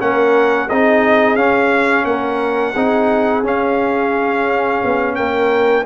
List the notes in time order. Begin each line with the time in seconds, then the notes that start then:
0.00 A#3 C#4 A#4 F#5
0.67 C4 G#4 D#5
0.73 D#4
1.36 C#4 F5
2.05 A#3 A#4 F#5
2.74 C4 D#4 G#4
3.44 C#4 F5
4.84 B3
5.16 A#3 A#4 G5